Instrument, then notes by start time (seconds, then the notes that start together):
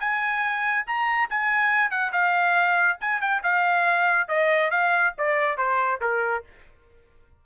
trumpet
0.00 G#5
0.87 A#5
1.30 G#5
1.91 F#5
2.13 F5
3.01 G#5
3.21 G5
3.43 F5
4.28 D#5
4.71 F5
5.18 D5
5.57 C5
6.01 A#4